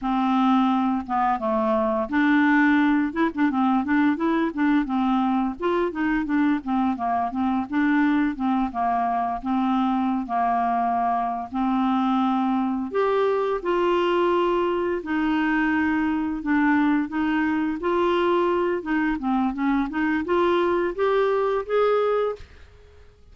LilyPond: \new Staff \with { instrumentName = "clarinet" } { \time 4/4 \tempo 4 = 86 c'4. b8 a4 d'4~ | d'8 e'16 d'16 c'8 d'8 e'8 d'8 c'4 | f'8 dis'8 d'8 c'8 ais8 c'8 d'4 | c'8 ais4 c'4~ c'16 ais4~ ais16~ |
ais8 c'2 g'4 f'8~ | f'4. dis'2 d'8~ | d'8 dis'4 f'4. dis'8 c'8 | cis'8 dis'8 f'4 g'4 gis'4 | }